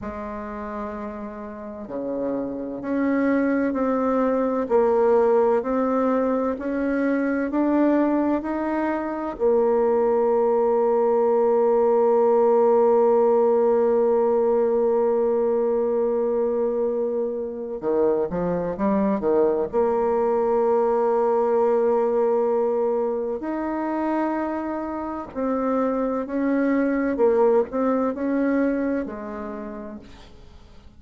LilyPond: \new Staff \with { instrumentName = "bassoon" } { \time 4/4 \tempo 4 = 64 gis2 cis4 cis'4 | c'4 ais4 c'4 cis'4 | d'4 dis'4 ais2~ | ais1~ |
ais2. dis8 f8 | g8 dis8 ais2.~ | ais4 dis'2 c'4 | cis'4 ais8 c'8 cis'4 gis4 | }